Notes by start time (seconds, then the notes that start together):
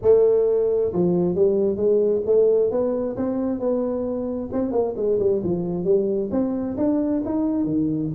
0.02 A3
0.92 F3
1.35 G3
1.76 G#3
2.26 A3
2.70 B3
3.16 C4
3.59 B3
4.52 C4
4.71 A#3
4.96 G#3
5.19 G3
5.43 F3
5.84 G3
6.31 C4
6.77 D4
7.25 D#4
7.64 D#3